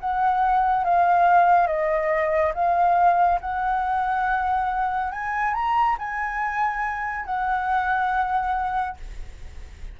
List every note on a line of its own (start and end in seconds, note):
0.00 0.84 F#5
0.84 1.67 F5
1.67 2.52 D#5
2.54 3.40 F5
3.41 5.12 F#5
5.12 5.54 G#5
5.54 5.96 A#5
5.98 7.25 G#5
7.25 8.96 F#5